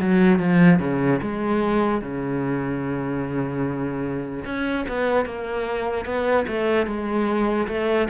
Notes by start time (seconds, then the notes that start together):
0.00 F#3
0.39 F3
0.80 C#3
1.22 G#3
2.02 C#3
4.45 C#4
4.89 B3
5.26 A#3
6.06 B3
6.48 A3
6.87 G#3
7.68 A3